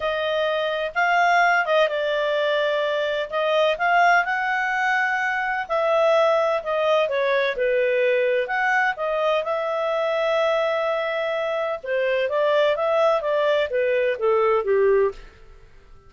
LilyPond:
\new Staff \with { instrumentName = "clarinet" } { \time 4/4 \tempo 4 = 127 dis''2 f''4. dis''8 | d''2. dis''4 | f''4 fis''2. | e''2 dis''4 cis''4 |
b'2 fis''4 dis''4 | e''1~ | e''4 c''4 d''4 e''4 | d''4 b'4 a'4 g'4 | }